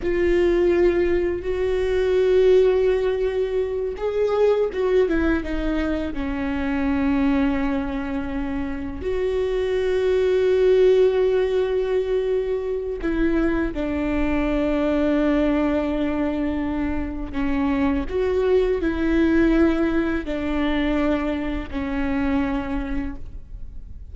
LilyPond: \new Staff \with { instrumentName = "viola" } { \time 4/4 \tempo 4 = 83 f'2 fis'2~ | fis'4. gis'4 fis'8 e'8 dis'8~ | dis'8 cis'2.~ cis'8~ | cis'8 fis'2.~ fis'8~ |
fis'2 e'4 d'4~ | d'1 | cis'4 fis'4 e'2 | d'2 cis'2 | }